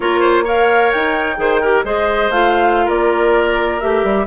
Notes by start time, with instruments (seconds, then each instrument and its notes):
0.00 bassoon A#3, clarinet F4, oboe A#4, flute C#5
0.20 oboe C5
0.44 clarinet A#4, oboe C#5, flute F5
0.91 bassoon D#4, flute G5
1.37 bassoon D#3, clarinet G#4, oboe C5
1.61 clarinet G4, oboe A#4
1.84 bassoon G#3, clarinet G#4, oboe C5, flute D#5
2.29 bassoon A3, clarinet F4, flute F5
2.85 bassoon A#3, oboe A#4, flute D5
3.80 bassoon A3, clarinet G4, flute E5
4.03 bassoon G3